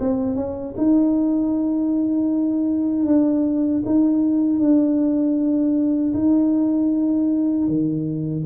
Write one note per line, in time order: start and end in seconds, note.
0.00 0.36 C4
0.36 0.74 C#4
0.77 3.06 D#4
3.06 3.83 D4
3.86 4.59 D#4
4.59 6.13 D4
6.14 7.67 D#4
7.67 8.44 D#3